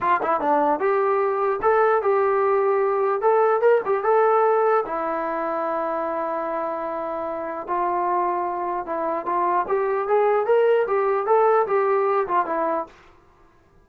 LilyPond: \new Staff \with { instrumentName = "trombone" } { \time 4/4 \tempo 4 = 149 f'8 e'8 d'4 g'2 | a'4 g'2. | a'4 ais'8 g'8 a'2 | e'1~ |
e'2. f'4~ | f'2 e'4 f'4 | g'4 gis'4 ais'4 g'4 | a'4 g'4. f'8 e'4 | }